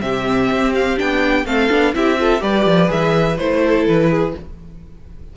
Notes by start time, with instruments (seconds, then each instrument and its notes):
0.00 cello C3, viola C4, violin G4 E5
0.51 cello C4
0.74 violin F5
0.96 cello B3, viola D4, violin G5
1.45 cello A3, viola C4, violin A4 F5
1.70 cello B3, viola D4
1.93 cello C4, viola E4, violin G4 E5
2.18 viola F4, violin A4
2.40 cello G3, viola G4, violin B4 D5
2.65 cello F3
2.87 cello E3, viola G#4, violin E5
3.38 cello A3, viola E4, violin C5
3.62 violin A4
3.86 cello E3, violin B4
4.10 violin G#4